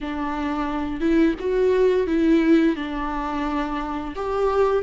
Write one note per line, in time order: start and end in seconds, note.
0.01 1.00 D4
1.00 1.34 E4
1.39 2.07 F#4
2.07 2.76 E4
2.76 4.14 D4
4.15 4.82 G4